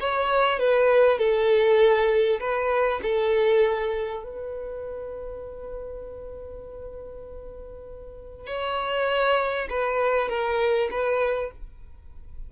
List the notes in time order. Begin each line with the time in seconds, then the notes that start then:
0.00 C#5
0.59 B4
1.18 A4
2.40 B4
3.02 A4
4.23 B4
8.47 C#5
9.69 B4
10.28 A#4
10.90 B4